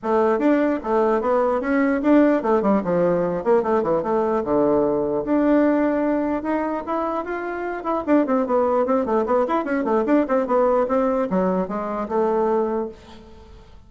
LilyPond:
\new Staff \with { instrumentName = "bassoon" } { \time 4/4 \tempo 4 = 149 a4 d'4 a4 b4 | cis'4 d'4 a8 g8 f4~ | f8 ais8 a8 e8 a4 d4~ | d4 d'2. |
dis'4 e'4 f'4. e'8 | d'8 c'8 b4 c'8 a8 b8 e'8 | cis'8 a8 d'8 c'8 b4 c'4 | fis4 gis4 a2 | }